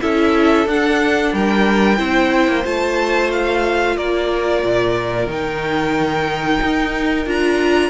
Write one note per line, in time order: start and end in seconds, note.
0.00 0.66 C#4
0.00 0.66 E4
0.00 1.34 A4
0.00 0.68 E5
0.66 1.32 D4
0.66 1.97 D4
0.66 1.34 F#5
1.33 1.99 G3
1.33 1.98 A#4
1.33 2.65 G5
1.97 2.47 C4
1.97 2.63 E4
1.97 3.96 C5
2.47 2.64 A#3
2.63 3.96 A3
2.63 5.27 F4
2.63 3.31 A5
3.31 3.97 F5
3.96 4.62 A#3
3.96 7.90 A#4
3.96 5.29 D5
4.63 5.27 A#2
5.27 6.59 D#3
5.27 7.25 D#4
5.27 7.29 G5
6.62 7.26 D#4
7.26 7.90 D4
7.26 7.90 F4
7.26 7.90 A#5